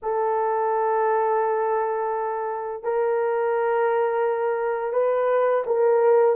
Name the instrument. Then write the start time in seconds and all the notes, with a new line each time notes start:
horn
0.02 A4
2.83 A#4
4.93 B4
5.66 A#4